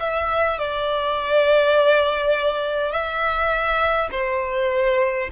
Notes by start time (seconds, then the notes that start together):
0.00 E5
0.59 D5
2.92 E5
4.12 C5